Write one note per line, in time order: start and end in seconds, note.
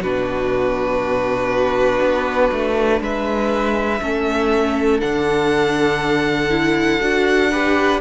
0.00 2.00 B2
0.00 4.01 D4
0.00 3.01 F#4
0.00 3.02 B4
2.01 2.51 B3
2.51 3.00 A3
3.00 4.00 G#3
3.00 4.01 B4
3.00 5.00 E5
4.01 5.01 A3
4.01 5.00 C#4
4.01 7.50 A4
5.00 7.01 D3
5.00 6.49 D4
5.00 8.00 F#5
6.49 6.99 E4
7.00 8.01 D4
7.00 7.50 F#4
7.50 8.01 G4
7.50 8.00 B4